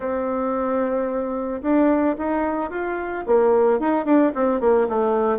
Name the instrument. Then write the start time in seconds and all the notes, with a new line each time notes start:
bassoon
0.00 C4
1.61 D4
2.18 D#4
2.70 F4
3.26 A#3
3.79 D#4
4.05 D4
4.34 C4
4.60 A#3
4.88 A3